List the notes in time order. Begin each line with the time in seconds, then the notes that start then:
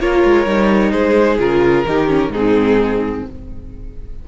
0.00 A#3 F4 A#4 C#5
0.24 G#3
0.46 G3 D#4
0.91 G#3 G#4 C5
1.39 C#3 F4 A#4
1.86 D#3 D#4 G4
2.07 C#4
2.29 G#2 D#4 G#4
2.35 C4